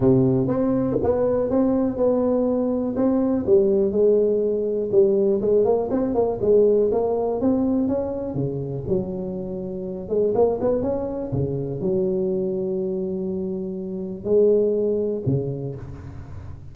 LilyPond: \new Staff \with { instrumentName = "tuba" } { \time 4/4 \tempo 4 = 122 c4 c'4 b4 c'4 | b2 c'4 g4 | gis2 g4 gis8 ais8 | c'8 ais8 gis4 ais4 c'4 |
cis'4 cis4 fis2~ | fis8 gis8 ais8 b8 cis'4 cis4 | fis1~ | fis4 gis2 cis4 | }